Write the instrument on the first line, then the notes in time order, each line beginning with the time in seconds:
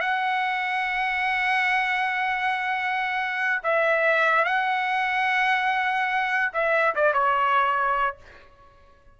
trumpet
0.00 F#5
3.63 E5
4.45 F#5
6.53 E5
6.95 D5
7.13 C#5